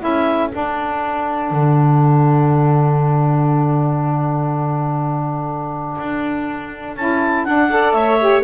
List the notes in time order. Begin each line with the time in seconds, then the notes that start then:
0.00 C#4 E4 A4 E5
0.50 D4 F#5
1.51 D3
5.99 D4
6.97 C#4 E4 A5
7.45 D4 F#5
7.71 A4 D5
7.93 A3 C#5 E5
8.20 G4